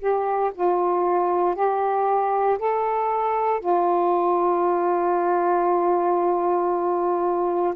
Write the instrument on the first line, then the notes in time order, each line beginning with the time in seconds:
saxophone
0.00 G4
0.55 F4
1.55 G4
2.59 A4
3.61 F4